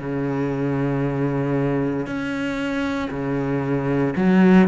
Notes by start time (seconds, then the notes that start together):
0.00 C#3
2.07 C#4
3.11 C#3
4.17 F#3